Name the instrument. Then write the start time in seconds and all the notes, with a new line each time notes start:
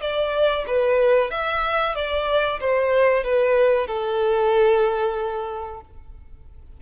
violin
0.00 D5
0.67 B4
1.30 E5
1.95 D5
2.60 C5
3.23 B4
3.87 A4